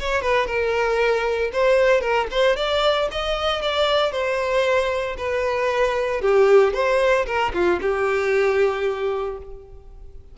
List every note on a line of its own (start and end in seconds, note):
0.00 0.22 C#5
0.22 0.47 B4
0.47 1.51 A#4
1.53 2.01 C5
2.01 2.27 A#4
2.31 2.57 C5
2.57 3.09 D5
3.12 3.62 D#5
3.62 4.12 D5
4.12 5.17 C5
5.18 6.22 B4
6.22 6.74 G4
6.74 7.26 C5
7.27 7.53 A#4
7.54 7.80 F4
7.82 9.38 G4